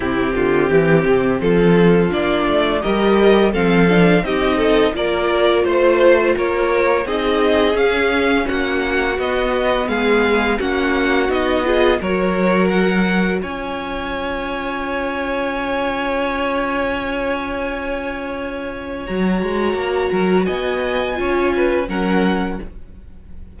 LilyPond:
<<
  \new Staff \with { instrumentName = "violin" } { \time 4/4 \tempo 4 = 85 g'2 a'4 d''4 | dis''4 f''4 dis''4 d''4 | c''4 cis''4 dis''4 f''4 | fis''4 dis''4 f''4 fis''4 |
dis''4 cis''4 fis''4 gis''4~ | gis''1~ | gis''2. ais''4~ | ais''4 gis''2 fis''4 | }
  \new Staff \with { instrumentName = "violin" } { \time 4/4 e'8 f'8 g'4 f'2 | ais'4 a'4 g'8 a'8 ais'4 | c''4 ais'4 gis'2 | fis'2 gis'4 fis'4~ |
fis'8 gis'8 ais'2 cis''4~ | cis''1~ | cis''1~ | cis''8 ais'8 dis''4 cis''8 b'8 ais'4 | }
  \new Staff \with { instrumentName = "viola" } { \time 4/4 c'2. d'4 | g'4 c'8 d'8 dis'4 f'4~ | f'2 dis'4 cis'4~ | cis'4 b2 cis'4 |
dis'8 f'8 fis'2 f'4~ | f'1~ | f'2. fis'4~ | fis'2 f'4 cis'4 | }
  \new Staff \with { instrumentName = "cello" } { \time 4/4 c8 d8 e8 c8 f4 ais8 a8 | g4 f4 c'4 ais4 | a4 ais4 c'4 cis'4 | ais4 b4 gis4 ais4 |
b4 fis2 cis'4~ | cis'1~ | cis'2. fis8 gis8 | ais8 fis8 b4 cis'4 fis4 | }
>>